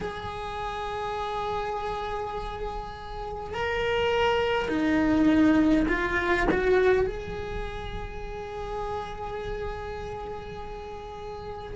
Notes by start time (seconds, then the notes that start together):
0.01 G#4
3.53 A#4
4.68 D#4
5.88 F4
6.50 F#4
7.06 G#4